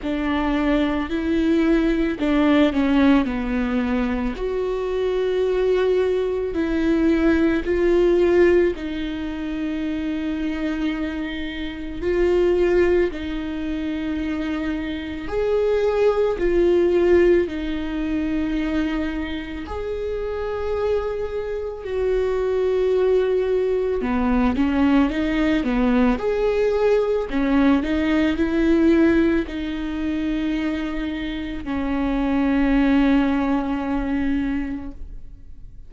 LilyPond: \new Staff \with { instrumentName = "viola" } { \time 4/4 \tempo 4 = 55 d'4 e'4 d'8 cis'8 b4 | fis'2 e'4 f'4 | dis'2. f'4 | dis'2 gis'4 f'4 |
dis'2 gis'2 | fis'2 b8 cis'8 dis'8 b8 | gis'4 cis'8 dis'8 e'4 dis'4~ | dis'4 cis'2. | }